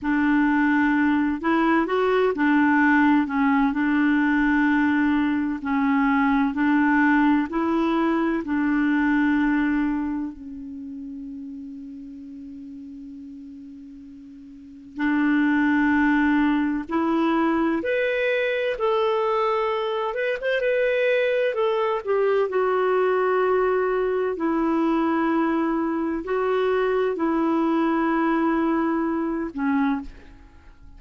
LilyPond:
\new Staff \with { instrumentName = "clarinet" } { \time 4/4 \tempo 4 = 64 d'4. e'8 fis'8 d'4 cis'8 | d'2 cis'4 d'4 | e'4 d'2 cis'4~ | cis'1 |
d'2 e'4 b'4 | a'4. b'16 c''16 b'4 a'8 g'8 | fis'2 e'2 | fis'4 e'2~ e'8 cis'8 | }